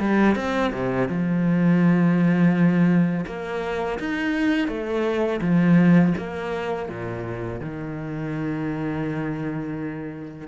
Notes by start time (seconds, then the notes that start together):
0.00 G3
0.36 C4
0.73 C3
1.08 F3
3.27 A#3
3.99 D#4
4.68 A3
5.42 F3
6.18 A#3
6.89 A#2
7.61 D#3